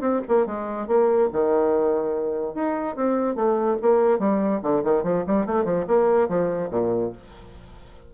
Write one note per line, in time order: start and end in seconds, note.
0.00 0.21 C4
0.28 0.46 A#3
0.46 0.87 G#3
0.87 1.28 A#3
1.32 2.54 D#3
2.54 2.95 D#4
2.95 3.35 C4
3.35 3.77 A3
3.81 4.19 A#3
4.19 4.60 G3
4.62 4.83 D3
4.83 5.03 D#3
5.03 5.24 F3
5.27 5.46 G3
5.46 5.64 A3
5.64 5.85 F3
5.87 6.28 A#3
6.28 6.70 F3
6.70 7.12 A#2